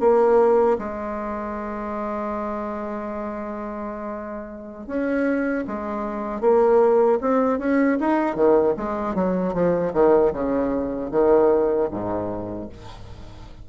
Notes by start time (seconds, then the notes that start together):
0.00 A#3
0.79 G#3
4.87 C#4
5.67 G#3
6.41 A#3
7.21 C4
7.59 C#4
8.00 D#4
8.36 D#3
8.77 G#3
9.15 F#3
9.54 F3
9.94 D#3
10.33 C#3
11.11 D#3
11.91 G#2